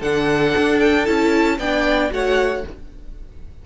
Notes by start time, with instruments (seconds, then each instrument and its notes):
0.00 cello D3, viola D4, violin A4 F#5
0.57 cello D4
0.80 violin G5
1.06 cello C#4, viola E4, violin A5
1.59 cello B3, viola D4, violin D5 G5
2.10 cello A3, viola F#4, violin C#5 F#5